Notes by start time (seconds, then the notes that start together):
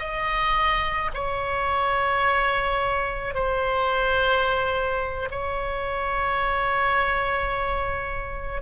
0.00 D#5
1.14 C#5
3.35 C5
5.31 C#5